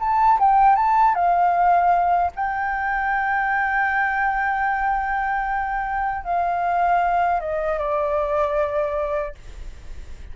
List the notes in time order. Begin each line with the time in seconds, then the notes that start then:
0.00 A5
0.39 G5
0.76 A5
1.15 F5
2.36 G5
6.24 F5
7.40 D#5
7.79 D5